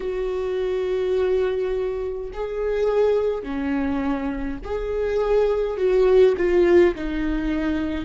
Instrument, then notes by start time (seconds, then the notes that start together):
viola
0.00 F#4
2.33 G#4
3.43 C#4
4.64 G#4
5.77 F#4
6.37 F4
6.95 D#4